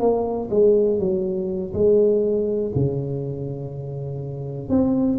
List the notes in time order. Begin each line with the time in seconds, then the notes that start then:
0.00 A#3
0.51 G#3
0.99 F#3
1.74 G#3
2.75 C#3
4.69 C4